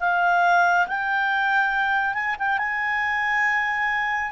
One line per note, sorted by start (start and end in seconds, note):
0.00 0.87 F5
0.87 2.14 G5
2.14 2.36 G#5
2.39 2.58 G5
2.58 4.32 G#5